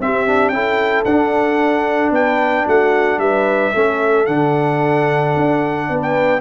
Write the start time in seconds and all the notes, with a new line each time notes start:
0.00 C4 G4 E5
0.27 D4
0.49 C#4 E4 A4 G5
1.05 D4 F#5
2.11 B3 B4 G5
2.65 A3 F#4 F#5
3.18 G3 B4 E5
3.73 A3 C#4 A4
4.26 D3 D4 F#5
5.37 D4
5.89 B3 B4
6.02 G5